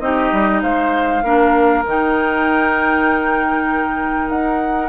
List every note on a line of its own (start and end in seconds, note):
0.00 0.31 C4
0.00 1.24 D#4
0.00 0.63 G4
0.00 0.61 D#5
0.33 0.63 G3
0.62 1.23 G#3
0.62 1.24 C5
0.62 1.85 F5
1.23 1.85 A#3
1.23 1.85 D4
1.23 4.89 A#4
1.85 4.30 D#3
1.85 4.89 D#4
1.85 4.30 G5
4.30 4.89 D#4
4.30 4.89 F#5